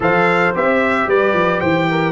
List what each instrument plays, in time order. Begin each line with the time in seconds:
0.00 tuba F3, trombone A4, horn C5, trumpet F5
0.55 tuba C4, trombone G4, trumpet E5
1.06 tuba G3, horn B4, trumpet D5
1.33 tuba F3
1.60 tuba E3, horn C5, trumpet G5
1.90 horn A#4